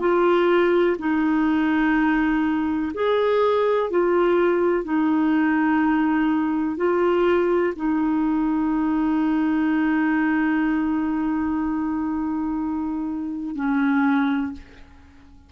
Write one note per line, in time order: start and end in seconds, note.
0.00 0.97 F4
0.99 2.92 D#4
2.93 3.90 G#4
3.90 4.84 F4
4.84 6.77 D#4
6.77 7.73 F4
7.76 13.55 D#4
13.55 14.52 C#4